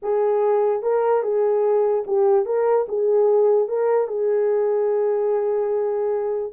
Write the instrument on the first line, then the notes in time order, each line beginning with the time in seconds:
horn
0.02 G#4
0.82 A#4
1.22 G#4
2.06 G4
2.45 A#4
2.88 G#4
3.68 A#4
4.07 G#4